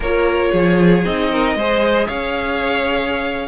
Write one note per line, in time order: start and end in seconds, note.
0.00 0.50 A#3
0.00 1.05 F4
0.00 0.51 A#4
0.00 1.05 C#5
0.51 1.04 F3
0.51 1.29 G#4
1.04 1.55 C4
1.04 1.57 D#4
1.04 2.08 D#5
1.31 1.57 A#4
1.55 2.07 G#3
1.55 3.48 G#4
1.55 2.06 C5
2.06 3.48 C#4
2.06 3.48 C#5
2.06 3.48 F5